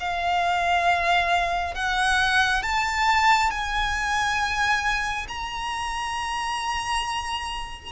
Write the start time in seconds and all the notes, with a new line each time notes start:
0.00 F5
1.75 F#5
2.63 A5
3.51 G#5
5.29 A#5